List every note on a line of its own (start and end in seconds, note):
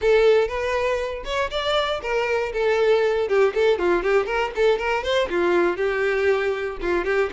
0.01 0.48 A4
0.48 1.23 B4
1.25 1.50 C#5
1.50 2.01 D5
2.02 2.52 A#4
2.52 3.28 A4
3.28 3.53 G4
3.54 3.79 A4
3.79 4.02 F4
4.02 4.25 G4
4.25 4.51 A#4
4.55 4.78 A4
4.78 5.03 A#4
5.03 5.28 C5
5.29 5.76 F4
5.76 6.77 G4
6.81 7.04 F4
7.04 7.29 G4